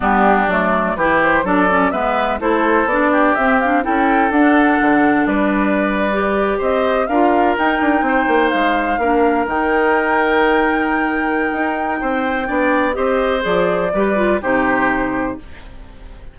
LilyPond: <<
  \new Staff \with { instrumentName = "flute" } { \time 4/4 \tempo 4 = 125 g'4 d''4 b'8 c''8 d''4 | e''4 c''4 d''4 e''8 f''8 | g''4 fis''2 d''4~ | d''4.~ d''16 dis''4 f''4 g''16~ |
g''4.~ g''16 f''2 g''16~ | g''1~ | g''2. dis''4 | d''2 c''2 | }
  \new Staff \with { instrumentName = "oboe" } { \time 4/4 d'2 g'4 a'4 | b'4 a'4. g'4. | a'2. b'4~ | b'4.~ b'16 c''4 ais'4~ ais'16~ |
ais'8. c''2 ais'4~ ais'16~ | ais'1~ | ais'4 c''4 d''4 c''4~ | c''4 b'4 g'2 | }
  \new Staff \with { instrumentName = "clarinet" } { \time 4/4 b4 a4 e'4 d'8 cis'8 | b4 e'4 d'4 c'8 d'8 | e'4 d'2.~ | d'8. g'2 f'4 dis'16~ |
dis'2~ dis'8. d'4 dis'16~ | dis'1~ | dis'2 d'4 g'4 | gis'4 g'8 f'8 dis'2 | }
  \new Staff \with { instrumentName = "bassoon" } { \time 4/4 g4 fis4 e4 fis4 | gis4 a4 b4 c'4 | cis'4 d'4 d4 g4~ | g4.~ g16 c'4 d'4 dis'16~ |
dis'16 d'8 c'8 ais8 gis4 ais4 dis16~ | dis1 | dis'4 c'4 b4 c'4 | f4 g4 c2 | }
>>